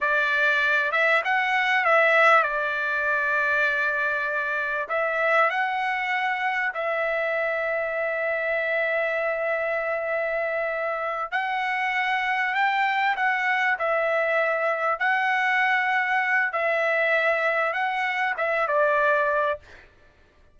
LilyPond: \new Staff \with { instrumentName = "trumpet" } { \time 4/4 \tempo 4 = 98 d''4. e''8 fis''4 e''4 | d''1 | e''4 fis''2 e''4~ | e''1~ |
e''2~ e''8 fis''4.~ | fis''8 g''4 fis''4 e''4.~ | e''8 fis''2~ fis''8 e''4~ | e''4 fis''4 e''8 d''4. | }